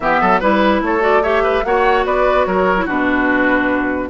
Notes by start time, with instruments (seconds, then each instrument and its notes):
0.00 bassoon E3, clarinet B3, oboe G4, flute E5
0.20 bassoon F#3, oboe A4
0.40 bassoon G3, clarinet E4, oboe B4, flute B4
0.81 bassoon A3, oboe A4, flute C#5
1.00 clarinet F#4, flute D5
1.23 clarinet G4, oboe C#5, flute E5
1.43 oboe B4
1.64 bassoon A#3, clarinet F#4, oboe C#5, flute F#5
2.05 bassoon B3, oboe B4, flute D5
2.45 bassoon F#3, oboe A#4, flute C#5
2.77 clarinet E4
2.85 bassoon B2, clarinet D4, oboe F#4, flute B4